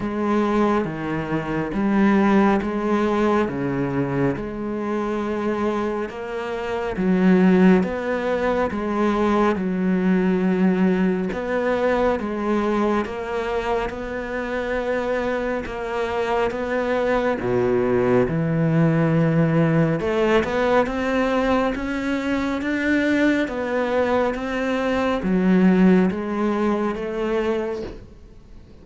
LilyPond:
\new Staff \with { instrumentName = "cello" } { \time 4/4 \tempo 4 = 69 gis4 dis4 g4 gis4 | cis4 gis2 ais4 | fis4 b4 gis4 fis4~ | fis4 b4 gis4 ais4 |
b2 ais4 b4 | b,4 e2 a8 b8 | c'4 cis'4 d'4 b4 | c'4 fis4 gis4 a4 | }